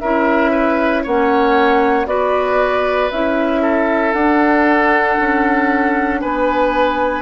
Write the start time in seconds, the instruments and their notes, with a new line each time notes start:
0.00 bassoon C#4, clarinet E4, oboe A#4, flute E5
0.51 oboe B4
1.03 bassoon A#3, clarinet C#4, oboe C#5, flute F#5
2.06 bassoon B3, clarinet F#4, oboe B4, flute D5
3.11 bassoon C#4, clarinet E4, flute E5
3.62 oboe A4
4.13 bassoon D4, clarinet D4, flute F#5
5.20 bassoon C#4
6.20 bassoon B3, oboe B4, flute G#5